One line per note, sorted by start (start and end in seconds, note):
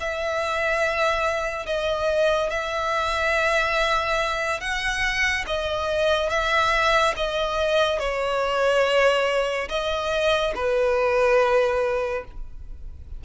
0.00 1.66 E5
1.66 2.50 D#5
2.50 4.61 E5
4.61 5.45 F#5
5.47 6.30 D#5
6.30 7.14 E5
7.16 7.99 D#5
7.99 9.68 C#5
9.69 10.53 D#5
10.55 12.24 B4